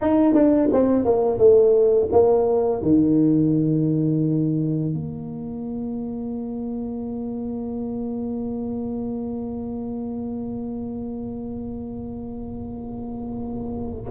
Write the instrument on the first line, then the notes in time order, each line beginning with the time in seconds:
tuba
0.01 D#4
0.34 D4
0.72 C4
1.04 A#3
1.38 A3
2.12 A#3
2.82 D#3
4.93 A#3